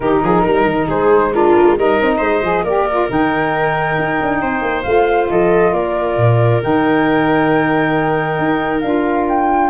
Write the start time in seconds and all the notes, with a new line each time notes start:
0.00 D#3 D#4 G4 A#4
0.23 F3 G#4
0.44 G3 A#4
0.64 D#3
0.87 G#3 G#4 C5
1.32 D4 F4 A#4
1.56 A#3
1.65 G#3
1.76 G3 D#4 A#4 D#5
2.00 C4
2.17 G#3 C5
2.42 F3 G#4
2.63 A#3 G4 A#4 D5
2.89 F4
3.07 D#3 D#4 G5
3.98 D#4
4.21 D4
4.41 C4 C5
4.61 A#3
4.83 A3 F4 F5
5.29 F3 A4 D#5
5.72 A#3 A#4 D5
6.16 A#2
6.60 D#3 D#4 G5
8.38 D#4
8.80 D4 F4 F5
9.28 G5